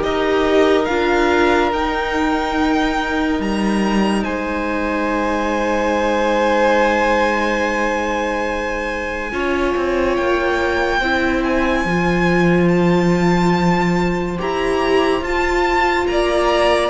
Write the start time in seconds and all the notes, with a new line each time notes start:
0.00 D#4 G4 A#4 D#5
0.86 D4 F4 F5
1.72 D#4 G5
3.40 G3 A#5
4.24 G#3 C5 G#5
9.32 C#4 F4 C#5
9.76 C4
10.16 A#3 G5
11.00 C4 E4 C5
11.44 G#5
11.85 F3 F4
12.68 A5
14.38 E4 G4 A#5
15.21 F4 A5
16.07 A#3 D5 A#5